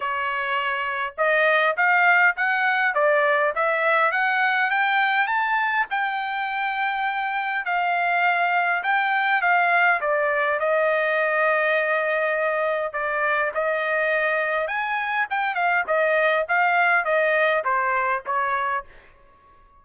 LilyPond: \new Staff \with { instrumentName = "trumpet" } { \time 4/4 \tempo 4 = 102 cis''2 dis''4 f''4 | fis''4 d''4 e''4 fis''4 | g''4 a''4 g''2~ | g''4 f''2 g''4 |
f''4 d''4 dis''2~ | dis''2 d''4 dis''4~ | dis''4 gis''4 g''8 f''8 dis''4 | f''4 dis''4 c''4 cis''4 | }